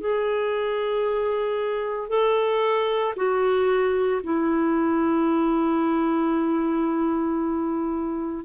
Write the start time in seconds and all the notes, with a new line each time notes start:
0.00 G#4
2.09 A4
3.16 F#4
4.23 E4